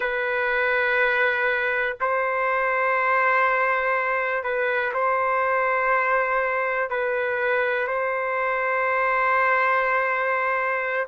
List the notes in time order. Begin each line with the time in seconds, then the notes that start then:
0.00 B4
2.00 C5
4.43 B4
4.93 C5
6.89 B4
7.87 C5